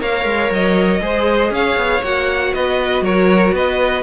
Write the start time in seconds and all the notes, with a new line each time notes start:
0.00 A#3 A#4 C#5 F5
0.24 G#3
0.50 F#3 D#5
1.01 G#3 G#4 C5
1.51 C#4 C#5 F5
1.76 B3
2.02 A#3 F#4 F#5
2.53 B3 B4 D#5
3.01 F#3 A#4 C#5
3.52 B3 B4 D#5